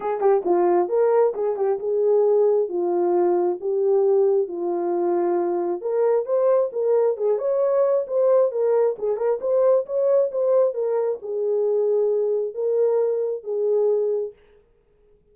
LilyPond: \new Staff \with { instrumentName = "horn" } { \time 4/4 \tempo 4 = 134 gis'8 g'8 f'4 ais'4 gis'8 g'8 | gis'2 f'2 | g'2 f'2~ | f'4 ais'4 c''4 ais'4 |
gis'8 cis''4. c''4 ais'4 | gis'8 ais'8 c''4 cis''4 c''4 | ais'4 gis'2. | ais'2 gis'2 | }